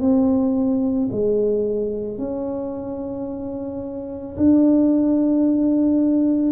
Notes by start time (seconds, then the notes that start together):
0.00 C4
1.12 G#3
2.18 C#4
4.36 D4